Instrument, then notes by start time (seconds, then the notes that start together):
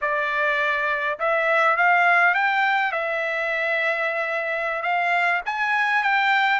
trumpet
0.01 D5
1.19 E5
1.76 F5
2.34 G5
2.92 E5
4.82 F5
5.45 G#5
6.03 G5